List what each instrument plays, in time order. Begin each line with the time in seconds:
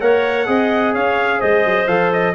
0.00 tuba A#3, trombone A#4, clarinet C#5, trumpet F#5
0.46 tuba C4, trombone G#4, clarinet D#5
0.93 tuba C#4, clarinet C#5, trumpet F5
1.39 tuba G#3, clarinet C5, trumpet D#5
1.64 tuba F#3
1.87 tuba F3, trombone A4, trumpet F5
2.13 trumpet D#5